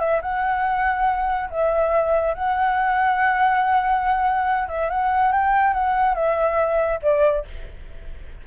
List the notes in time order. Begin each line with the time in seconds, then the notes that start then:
0.00 E5
0.22 F#5
1.51 E5
2.35 F#5
4.69 E5
4.90 F#5
5.33 G5
5.74 F#5
6.15 E5
7.03 D5